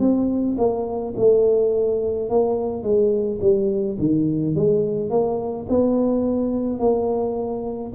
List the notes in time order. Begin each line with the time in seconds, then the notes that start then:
0.00 C4
0.58 A#3
1.17 A3
2.30 A#3
2.84 G#3
3.41 G3
3.99 D#3
4.56 G#3
5.10 A#3
5.69 B3
6.80 A#3